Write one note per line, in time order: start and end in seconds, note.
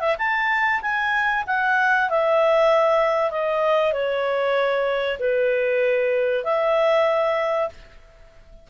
0.00 0.16 E5
0.18 0.81 A5
0.82 1.44 G#5
1.47 2.09 F#5
2.10 3.31 E5
3.31 3.93 D#5
3.93 5.18 C#5
5.19 6.44 B4
6.44 7.69 E5